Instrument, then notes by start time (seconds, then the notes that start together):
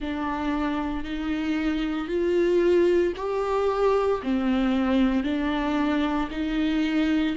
viola
0.00 D4
1.04 D#4
2.08 F4
3.16 G4
4.22 C4
5.23 D4
6.30 D#4